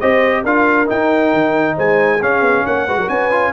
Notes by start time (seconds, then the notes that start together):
0.00 C4 G4 C5 D#5
0.43 D4 F4 A#4 F5
0.86 D#4 G5
1.33 D#3
1.76 G#3 C5 G#5
2.22 C#4 G#4 F5
2.41 B3
2.66 A#3 C#5 F#5
2.87 G#3 F#4 B4
2.97 F#3 A#4
3.09 C#4 B4 G#5
3.31 F4